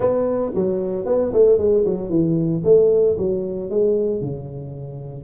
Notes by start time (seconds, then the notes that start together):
0.00 B3
0.54 F#3
1.05 B3
1.33 A3
1.58 G#3
1.85 F#3
2.09 E3
2.64 A3
3.17 F#3
3.70 G#3
4.21 C#3